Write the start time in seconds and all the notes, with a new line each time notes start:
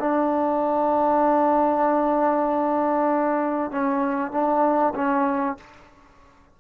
0.00 D4
3.72 C#4
4.32 D4
4.95 C#4